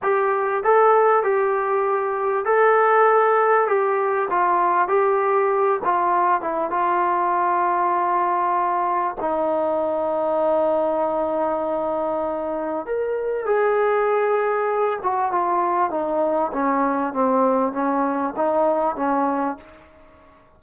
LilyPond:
\new Staff \with { instrumentName = "trombone" } { \time 4/4 \tempo 4 = 98 g'4 a'4 g'2 | a'2 g'4 f'4 | g'4. f'4 e'8 f'4~ | f'2. dis'4~ |
dis'1~ | dis'4 ais'4 gis'2~ | gis'8 fis'8 f'4 dis'4 cis'4 | c'4 cis'4 dis'4 cis'4 | }